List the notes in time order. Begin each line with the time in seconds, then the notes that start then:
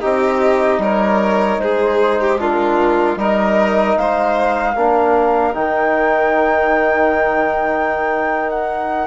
0.00 C4 D#4 G4 D#5
0.78 G3 A#4 C#5
1.58 G#3 G#4 C5
2.20 G4
2.38 D4 F4 A#4
3.16 G3 D#4 A#4 D#5
3.97 G#3 C5 F5
4.74 A#3 D4 A#4
5.53 D#3 D#4 G5
8.49 F#5